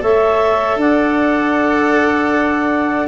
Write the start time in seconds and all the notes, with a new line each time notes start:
0.00 A3 A4 C#5 E5
0.76 D4 D5 F#5